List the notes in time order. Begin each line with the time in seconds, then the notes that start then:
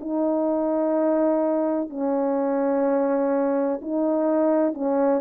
0.00 D#4
1.90 C#4
3.81 D#4
4.74 C#4